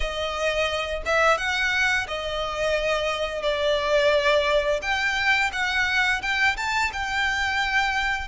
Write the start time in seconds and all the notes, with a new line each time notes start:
0.00 D#5
1.05 E5
1.37 F#5
2.07 D#5
3.42 D5
4.82 G5
5.52 F#5
6.22 G5
6.56 A5
6.92 G5